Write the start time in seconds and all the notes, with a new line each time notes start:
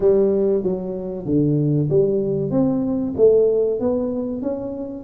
0.00 G3
0.63 F#3
1.25 D3
1.89 G3
2.51 C4
3.16 A3
3.80 B3
4.42 C#4